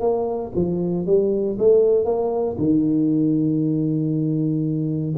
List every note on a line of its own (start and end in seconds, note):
0.00 0.51 A#3
0.55 1.06 F3
1.06 1.57 G3
1.58 2.05 A3
2.05 2.56 A#3
2.58 5.14 D#3